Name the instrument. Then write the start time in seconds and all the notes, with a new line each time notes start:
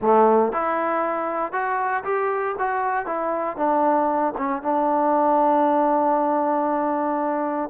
trombone
0.01 A3
0.52 E4
1.52 F#4
2.04 G4
2.59 F#4
3.06 E4
3.56 D4
4.37 C#4
4.62 D4